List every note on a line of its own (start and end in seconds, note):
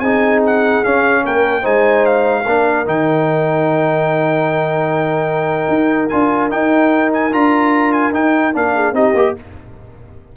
0.00 0.81 C4
0.00 0.85 D#4
0.00 1.23 G#4
0.00 0.41 G#5
0.47 0.84 F#5
0.84 1.63 C#4
0.84 1.26 C#4
0.84 1.25 F5
1.24 1.65 A#3
1.24 1.62 A#4
1.24 1.66 G5
1.62 2.46 G#3
1.62 2.44 D#4
1.62 2.43 C5
1.62 2.06 G#5
2.06 2.87 F5
2.45 2.87 A#3
2.45 2.86 D4
2.45 8.73 A#4
2.86 5.69 D#3
2.86 6.10 D#4
2.86 6.09 G5
5.69 6.09 D#4
6.09 6.53 D4
6.09 6.50 F4
6.09 6.50 G#5
6.50 7.32 D#4
6.50 7.34 D#4
6.50 7.12 G5
7.14 7.34 G#5
7.32 8.15 D4
7.32 8.13 F4
7.32 7.93 A#5
7.93 8.13 G#5
8.13 8.53 D#4
8.13 8.55 D#4
8.13 8.55 G5
8.54 8.93 A#3
8.54 8.94 D4
8.54 8.95 F5
8.75 8.95 G#4
8.93 9.13 C4
8.93 9.15 D#4
8.93 9.36 G4
8.93 9.36 D#5
9.14 9.34 A#3
9.14 9.37 G4